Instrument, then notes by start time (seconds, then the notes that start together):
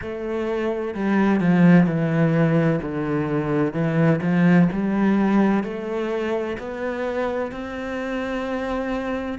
cello
0.01 A3
0.94 G3
1.40 F3
1.86 E3
2.81 D3
3.73 E3
4.21 F3
4.72 G3
5.63 A3
6.58 B3
7.51 C4